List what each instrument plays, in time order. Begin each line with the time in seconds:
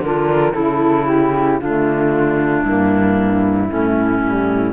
0.00 cello D3, saxophone D4, clarinet F4, flute A#4
0.53 cello C#3, clarinet E4, saxophone E4, flute A4
1.07 flute G4
1.60 cello D3, saxophone A3, clarinet D4, flute F4
2.64 cello G2, saxophone A#3, flute E4
3.67 cello A2, saxophone A3, clarinet C#4
4.23 saxophone G3